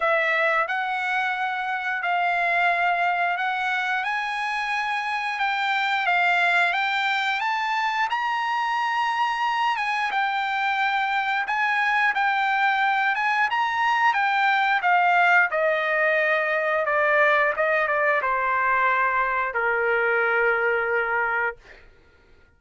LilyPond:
\new Staff \with { instrumentName = "trumpet" } { \time 4/4 \tempo 4 = 89 e''4 fis''2 f''4~ | f''4 fis''4 gis''2 | g''4 f''4 g''4 a''4 | ais''2~ ais''8 gis''8 g''4~ |
g''4 gis''4 g''4. gis''8 | ais''4 g''4 f''4 dis''4~ | dis''4 d''4 dis''8 d''8 c''4~ | c''4 ais'2. | }